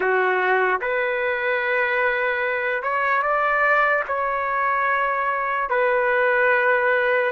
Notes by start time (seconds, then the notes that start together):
0.00 F#4
0.81 B4
2.82 C#5
3.22 D5
4.07 C#5
5.69 B4